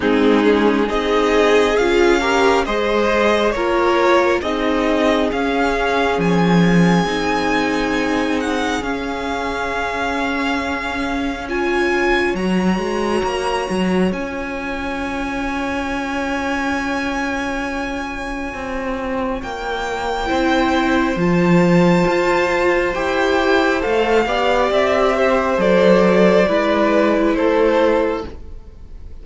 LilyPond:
<<
  \new Staff \with { instrumentName = "violin" } { \time 4/4 \tempo 4 = 68 gis'4 dis''4 f''4 dis''4 | cis''4 dis''4 f''4 gis''4~ | gis''4. fis''8 f''2~ | f''4 gis''4 ais''2 |
gis''1~ | gis''2 g''2 | a''2 g''4 f''4 | e''4 d''2 c''4 | }
  \new Staff \with { instrumentName = "violin" } { \time 4/4 dis'4 gis'4. ais'8 c''4 | ais'4 gis'2.~ | gis'1~ | gis'4 cis''2.~ |
cis''1~ | cis''2. c''4~ | c''2.~ c''8 d''8~ | d''8 c''4. b'4 a'4 | }
  \new Staff \with { instrumentName = "viola" } { \time 4/4 c'8 cis'8 dis'4 f'8 g'8 gis'4 | f'4 dis'4 cis'2 | dis'2 cis'2~ | cis'4 f'4 fis'2 |
f'1~ | f'2. e'4 | f'2 g'4 a'8 g'8~ | g'4 a'4 e'2 | }
  \new Staff \with { instrumentName = "cello" } { \time 4/4 gis4 c'4 cis'4 gis4 | ais4 c'4 cis'4 f4 | c'2 cis'2~ | cis'2 fis8 gis8 ais8 fis8 |
cis'1~ | cis'4 c'4 ais4 c'4 | f4 f'4 e'4 a8 b8 | c'4 fis4 gis4 a4 | }
>>